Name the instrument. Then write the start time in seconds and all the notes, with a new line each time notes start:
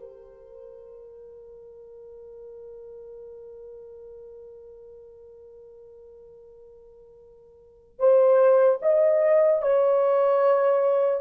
horn
0.00 A#4
8.00 C5
8.82 D#5
9.62 C#5